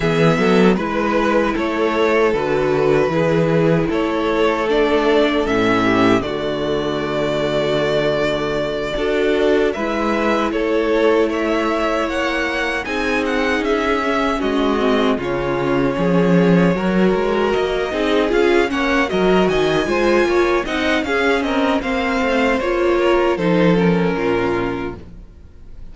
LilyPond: <<
  \new Staff \with { instrumentName = "violin" } { \time 4/4 \tempo 4 = 77 e''4 b'4 cis''4 b'4~ | b'4 cis''4 d''4 e''4 | d''1~ | d''8 e''4 cis''4 e''4 fis''8~ |
fis''8 gis''8 fis''8 e''4 dis''4 cis''8~ | cis''2~ cis''8 dis''4 f''8 | fis''8 dis''8 gis''4. fis''8 f''8 dis''8 | f''4 cis''4 c''8 ais'4. | }
  \new Staff \with { instrumentName = "violin" } { \time 4/4 gis'8 a'8 b'4 a'2 | gis'4 a'2~ a'8 g'8 | fis'2.~ fis'8 a'8~ | a'8 b'4 a'4 cis''4.~ |
cis''8 gis'2 fis'4 f'8~ | f'8 gis'4 ais'4. gis'4 | cis''8 ais'8 dis''8 c''8 cis''8 dis''8 gis'8 ais'8 | c''4. ais'8 a'4 f'4 | }
  \new Staff \with { instrumentName = "viola" } { \time 4/4 b4 e'2 fis'4 | e'2 d'4 cis'4 | a2.~ a8 fis'8~ | fis'8 e'2.~ e'8~ |
e'8 dis'4. cis'4 c'8 cis'8~ | cis'4. fis'4. dis'8 f'8 | cis'8 fis'4 f'4 dis'8 cis'4 | c'4 f'4 dis'8 cis'4. | }
  \new Staff \with { instrumentName = "cello" } { \time 4/4 e8 fis8 gis4 a4 d4 | e4 a2 a,4 | d2.~ d8 d'8~ | d'8 gis4 a2 ais8~ |
ais8 c'4 cis'4 gis4 cis8~ | cis8 f4 fis8 gis8 ais8 c'8 cis'8 | ais8 fis8 dis8 gis8 ais8 c'8 cis'8 c'8 | ais8 a8 ais4 f4 ais,4 | }
>>